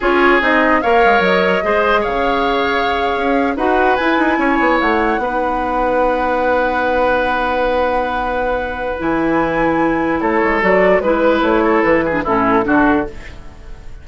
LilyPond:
<<
  \new Staff \with { instrumentName = "flute" } { \time 4/4 \tempo 4 = 147 cis''4 dis''4 f''4 dis''4~ | dis''4 f''2.~ | f''8. fis''4 gis''2 fis''16~ | fis''1~ |
fis''1~ | fis''2 gis''2~ | gis''4 cis''4 d''4 b'4 | cis''4 b'4 a'2 | }
  \new Staff \with { instrumentName = "oboe" } { \time 4/4 gis'2 cis''2 | c''4 cis''2.~ | cis''8. b'2 cis''4~ cis''16~ | cis''8. b'2.~ b'16~ |
b'1~ | b'1~ | b'4 a'2 b'4~ | b'8 a'4 gis'8 e'4 fis'4 | }
  \new Staff \with { instrumentName = "clarinet" } { \time 4/4 f'4 dis'4 ais'2 | gis'1~ | gis'8. fis'4 e'2~ e'16~ | e'8. dis'2.~ dis'16~ |
dis'1~ | dis'2 e'2~ | e'2 fis'4 e'4~ | e'4.~ e'16 d'16 cis'4 d'4 | }
  \new Staff \with { instrumentName = "bassoon" } { \time 4/4 cis'4 c'4 ais8 gis8 fis4 | gis4 cis2~ cis8. cis'16~ | cis'8. dis'4 e'8 dis'8 cis'8 b8 a16~ | a8. b2.~ b16~ |
b1~ | b2 e2~ | e4 a8 gis8 fis4 gis4 | a4 e4 a,4 d4 | }
>>